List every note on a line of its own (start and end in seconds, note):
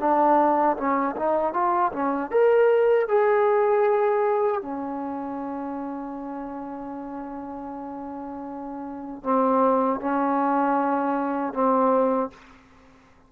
0.00 0.77 D4
0.78 1.16 C#4
1.17 1.54 D#4
1.54 1.92 F4
1.93 2.31 C#4
2.31 3.08 A#4
3.09 4.62 G#4
4.62 9.24 C#4
9.24 10.01 C4
10.01 11.54 C#4
11.54 12.31 C4